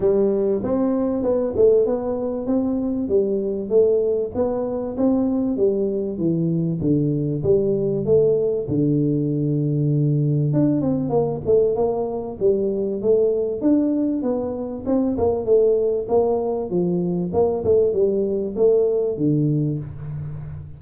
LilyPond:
\new Staff \with { instrumentName = "tuba" } { \time 4/4 \tempo 4 = 97 g4 c'4 b8 a8 b4 | c'4 g4 a4 b4 | c'4 g4 e4 d4 | g4 a4 d2~ |
d4 d'8 c'8 ais8 a8 ais4 | g4 a4 d'4 b4 | c'8 ais8 a4 ais4 f4 | ais8 a8 g4 a4 d4 | }